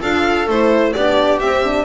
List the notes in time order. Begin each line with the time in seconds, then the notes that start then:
0.00 D4 F4 A4 F5
0.48 A3 E4 C5
0.93 B3 D4 G4 D5
1.40 C4 E5
1.64 D4